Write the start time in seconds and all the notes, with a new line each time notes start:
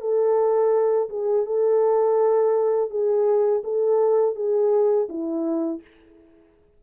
0.00 A4
1.09 G#4
1.45 A4
2.90 G#4
3.63 A4
4.35 G#4
5.08 E4